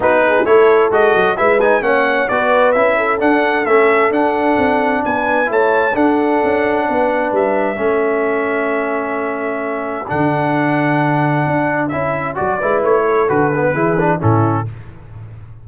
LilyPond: <<
  \new Staff \with { instrumentName = "trumpet" } { \time 4/4 \tempo 4 = 131 b'4 cis''4 dis''4 e''8 gis''8 | fis''4 d''4 e''4 fis''4 | e''4 fis''2 gis''4 | a''4 fis''2. |
e''1~ | e''2 fis''2~ | fis''2 e''4 d''4 | cis''4 b'2 a'4 | }
  \new Staff \with { instrumentName = "horn" } { \time 4/4 fis'8 gis'8 a'2 b'4 | cis''4 b'4. a'4.~ | a'2. b'4 | cis''4 a'2 b'4~ |
b'4 a'2.~ | a'1~ | a'2.~ a'8 b'8~ | b'8 a'4. gis'4 e'4 | }
  \new Staff \with { instrumentName = "trombone" } { \time 4/4 dis'4 e'4 fis'4 e'8 dis'8 | cis'4 fis'4 e'4 d'4 | cis'4 d'2. | e'4 d'2.~ |
d'4 cis'2.~ | cis'2 d'2~ | d'2 e'4 fis'8 e'8~ | e'4 fis'8 b8 e'8 d'8 cis'4 | }
  \new Staff \with { instrumentName = "tuba" } { \time 4/4 b4 a4 gis8 fis8 gis4 | ais4 b4 cis'4 d'4 | a4 d'4 c'4 b4 | a4 d'4 cis'4 b4 |
g4 a2.~ | a2 d2~ | d4 d'4 cis'4 fis8 gis8 | a4 d4 e4 a,4 | }
>>